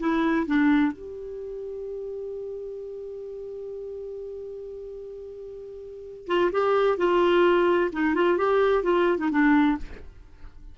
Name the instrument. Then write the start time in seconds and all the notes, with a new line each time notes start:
clarinet
0.00 E4
0.47 D4
0.92 G4
6.27 F4
6.52 G4
6.98 F4
7.92 D#4
8.15 F4
8.38 G4
8.83 F4
9.18 D#4
9.31 D4